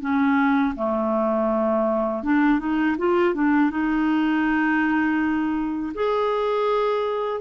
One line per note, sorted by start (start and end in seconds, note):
0.00 0.74 C#4
0.75 2.23 A3
2.23 2.59 D4
2.59 2.96 D#4
2.98 3.34 F4
3.34 3.70 D4
3.70 5.93 D#4
5.94 7.40 G#4